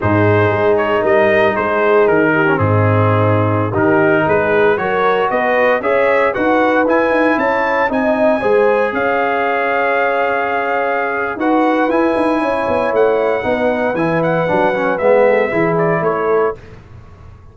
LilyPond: <<
  \new Staff \with { instrumentName = "trumpet" } { \time 4/4 \tempo 4 = 116 c''4. cis''8 dis''4 c''4 | ais'4 gis'2~ gis'16 ais'8.~ | ais'16 b'4 cis''4 dis''4 e''8.~ | e''16 fis''4 gis''4 a''4 gis''8.~ |
gis''4~ gis''16 f''2~ f''8.~ | f''2 fis''4 gis''4~ | gis''4 fis''2 gis''8 fis''8~ | fis''4 e''4. d''8 cis''4 | }
  \new Staff \with { instrumentName = "horn" } { \time 4/4 gis'2 ais'4 gis'4~ | gis'8 g'8 dis'2~ dis'16 g'8.~ | g'16 gis'4 ais'4 b'4 cis''8.~ | cis''16 b'2 cis''4 dis''8.~ |
dis''16 c''4 cis''2~ cis''8.~ | cis''2 b'2 | cis''2 b'2~ | b'4. a'8 gis'4 a'4 | }
  \new Staff \with { instrumentName = "trombone" } { \time 4/4 dis'1~ | dis'8. cis'16 c'2~ c'16 dis'8.~ | dis'4~ dis'16 fis'2 gis'8.~ | gis'16 fis'4 e'2 dis'8.~ |
dis'16 gis'2.~ gis'8.~ | gis'2 fis'4 e'4~ | e'2 dis'4 e'4 | d'8 cis'8 b4 e'2 | }
  \new Staff \with { instrumentName = "tuba" } { \time 4/4 gis,4 gis4 g4 gis4 | dis4 gis,2~ gis,16 dis8.~ | dis16 gis4 fis4 b4 cis'8.~ | cis'16 dis'4 e'8 dis'8 cis'4 c'8.~ |
c'16 gis4 cis'2~ cis'8.~ | cis'2 dis'4 e'8 dis'8 | cis'8 b8 a4 b4 e4 | fis4 gis4 e4 a4 | }
>>